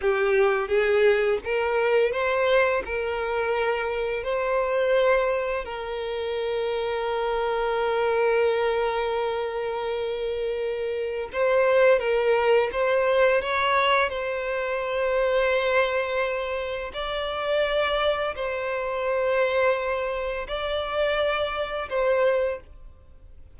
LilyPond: \new Staff \with { instrumentName = "violin" } { \time 4/4 \tempo 4 = 85 g'4 gis'4 ais'4 c''4 | ais'2 c''2 | ais'1~ | ais'1 |
c''4 ais'4 c''4 cis''4 | c''1 | d''2 c''2~ | c''4 d''2 c''4 | }